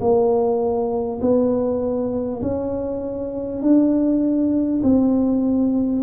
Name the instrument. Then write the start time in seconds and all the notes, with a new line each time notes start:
tuba
0.00 A#3
1.21 B3
2.41 C#4
3.62 D4
4.83 C4